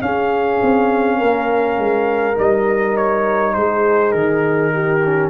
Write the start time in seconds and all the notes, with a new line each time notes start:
0.00 C#4 G#4 F5
0.63 C4
1.18 A#3 A#4
1.78 G#3
2.35 G3 D#4 D#5
2.98 C#5
3.54 G#3 G#4 C5
4.12 D#3 A#4
4.74 G4
5.06 C#4